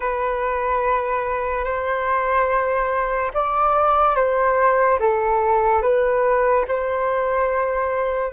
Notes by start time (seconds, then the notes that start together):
0.00 B4
1.64 C5
3.34 D5
4.15 C5
4.99 A4
5.81 B4
6.68 C5